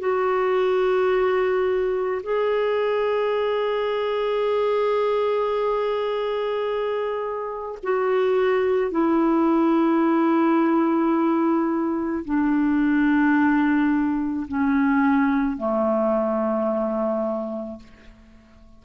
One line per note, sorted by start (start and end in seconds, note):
0.00 2.22 F#4
2.23 7.79 G#4
7.83 8.91 F#4
8.91 12.25 E4
12.25 14.47 D4
14.48 15.57 C#4
15.57 17.79 A3